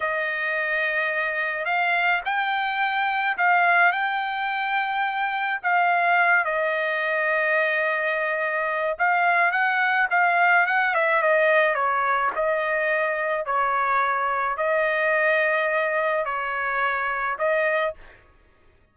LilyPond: \new Staff \with { instrumentName = "trumpet" } { \time 4/4 \tempo 4 = 107 dis''2. f''4 | g''2 f''4 g''4~ | g''2 f''4. dis''8~ | dis''1 |
f''4 fis''4 f''4 fis''8 e''8 | dis''4 cis''4 dis''2 | cis''2 dis''2~ | dis''4 cis''2 dis''4 | }